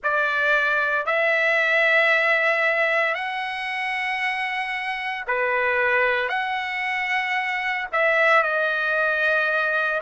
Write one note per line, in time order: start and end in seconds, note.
0.03 1.05 D5
1.05 3.14 E5
3.14 5.24 F#5
5.27 6.29 B4
6.29 7.87 F#5
7.92 8.42 E5
8.42 10.00 D#5